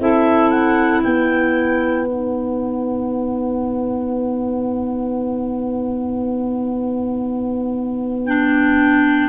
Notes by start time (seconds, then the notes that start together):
0.00 C4 E4 A4 E5
0.51 F#5
1.03 B3 B4 G5
2.06 D#4 F#5
8.26 D4 G5